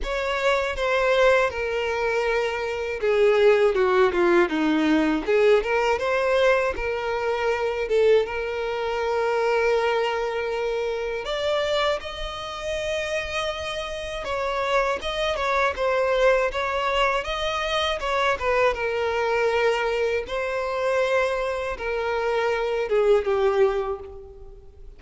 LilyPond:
\new Staff \with { instrumentName = "violin" } { \time 4/4 \tempo 4 = 80 cis''4 c''4 ais'2 | gis'4 fis'8 f'8 dis'4 gis'8 ais'8 | c''4 ais'4. a'8 ais'4~ | ais'2. d''4 |
dis''2. cis''4 | dis''8 cis''8 c''4 cis''4 dis''4 | cis''8 b'8 ais'2 c''4~ | c''4 ais'4. gis'8 g'4 | }